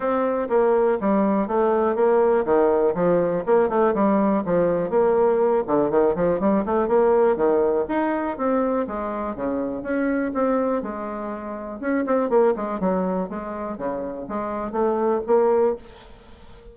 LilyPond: \new Staff \with { instrumentName = "bassoon" } { \time 4/4 \tempo 4 = 122 c'4 ais4 g4 a4 | ais4 dis4 f4 ais8 a8 | g4 f4 ais4. d8 | dis8 f8 g8 a8 ais4 dis4 |
dis'4 c'4 gis4 cis4 | cis'4 c'4 gis2 | cis'8 c'8 ais8 gis8 fis4 gis4 | cis4 gis4 a4 ais4 | }